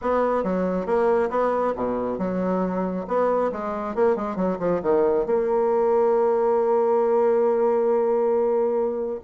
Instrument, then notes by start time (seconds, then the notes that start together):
bassoon
0.01 B3
0.43 F#3
0.86 A#3
1.30 B3
1.75 B2
2.18 F#3
3.07 B3
3.52 G#3
3.95 A#3
4.16 G#3
4.36 F#3
4.59 F3
4.82 D#3
5.26 A#3